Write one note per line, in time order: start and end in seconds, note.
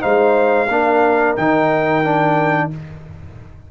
0.00 0.68 G#3
0.00 0.67 D#4
0.00 0.68 C5
0.00 1.35 F5
0.68 1.35 A#3
0.68 1.37 D4
0.68 2.68 A#4
1.36 2.71 D#3
1.36 2.04 D#4
1.36 2.69 G5
2.04 2.70 D4